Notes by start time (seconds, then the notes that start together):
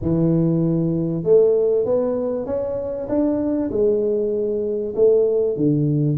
0.01 E3
1.23 A3
1.85 B3
2.46 C#4
3.08 D4
3.71 G#3
4.95 A3
5.56 D3